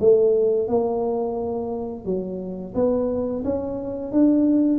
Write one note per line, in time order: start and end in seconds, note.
0.00 0.68 A3
0.68 2.05 A#3
2.05 2.74 F#3
2.75 3.44 B3
3.44 4.12 C#4
4.12 4.79 D4